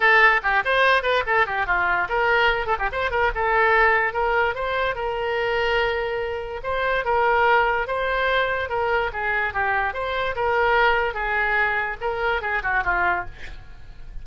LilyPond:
\new Staff \with { instrumentName = "oboe" } { \time 4/4 \tempo 4 = 145 a'4 g'8 c''4 b'8 a'8 g'8 | f'4 ais'4. a'16 g'16 c''8 ais'8 | a'2 ais'4 c''4 | ais'1 |
c''4 ais'2 c''4~ | c''4 ais'4 gis'4 g'4 | c''4 ais'2 gis'4~ | gis'4 ais'4 gis'8 fis'8 f'4 | }